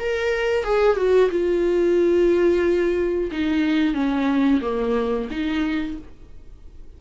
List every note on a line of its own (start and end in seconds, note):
0.00 0.64 A#4
0.64 0.97 G#4
0.97 1.31 F#4
1.31 3.31 F4
3.32 3.95 D#4
3.95 4.61 C#4
4.62 5.29 A#3
5.31 5.98 D#4